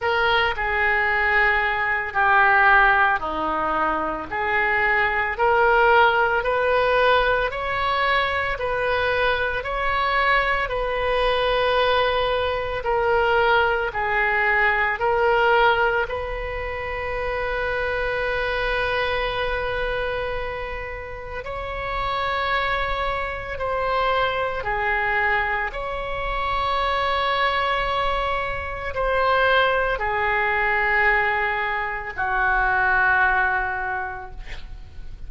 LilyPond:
\new Staff \with { instrumentName = "oboe" } { \time 4/4 \tempo 4 = 56 ais'8 gis'4. g'4 dis'4 | gis'4 ais'4 b'4 cis''4 | b'4 cis''4 b'2 | ais'4 gis'4 ais'4 b'4~ |
b'1 | cis''2 c''4 gis'4 | cis''2. c''4 | gis'2 fis'2 | }